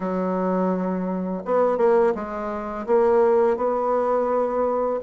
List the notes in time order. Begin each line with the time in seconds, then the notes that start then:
0.00 F#3
1.45 B3
1.77 A#3
2.14 G#3
2.86 A#3
3.56 B3